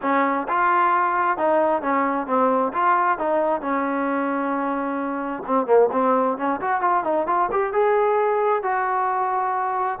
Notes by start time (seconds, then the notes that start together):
0.01 C#4
0.48 F4
1.37 D#4
1.82 C#4
2.26 C4
2.73 F4
3.18 D#4
3.61 C#4
5.46 C4
5.66 A#3
5.92 C4
6.37 C#4
6.60 F#4
6.81 F4
7.04 D#4
7.26 F4
7.51 G4
7.72 G#4
8.62 F#4